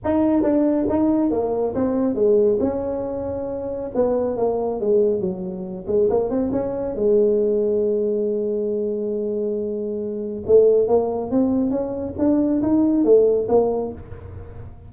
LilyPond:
\new Staff \with { instrumentName = "tuba" } { \time 4/4 \tempo 4 = 138 dis'4 d'4 dis'4 ais4 | c'4 gis4 cis'2~ | cis'4 b4 ais4 gis4 | fis4. gis8 ais8 c'8 cis'4 |
gis1~ | gis1 | a4 ais4 c'4 cis'4 | d'4 dis'4 a4 ais4 | }